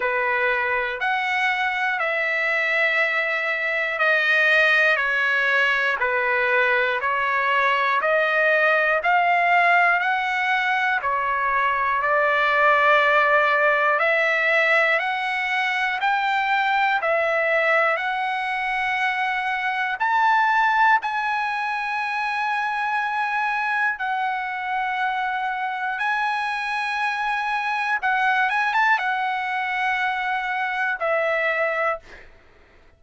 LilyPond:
\new Staff \with { instrumentName = "trumpet" } { \time 4/4 \tempo 4 = 60 b'4 fis''4 e''2 | dis''4 cis''4 b'4 cis''4 | dis''4 f''4 fis''4 cis''4 | d''2 e''4 fis''4 |
g''4 e''4 fis''2 | a''4 gis''2. | fis''2 gis''2 | fis''8 gis''16 a''16 fis''2 e''4 | }